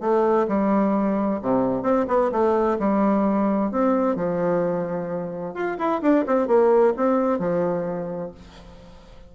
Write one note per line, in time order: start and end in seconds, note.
0.00 0.46 A3
0.47 1.40 G3
1.41 1.82 C3
1.82 2.05 C4
2.07 2.31 B3
2.31 2.78 A3
2.79 3.71 G3
3.71 4.15 C4
4.15 5.54 F3
5.54 5.77 F4
5.78 6.01 E4
6.01 6.25 D4
6.26 6.47 C4
6.47 6.93 A#3
6.96 7.39 C4
7.39 8.31 F3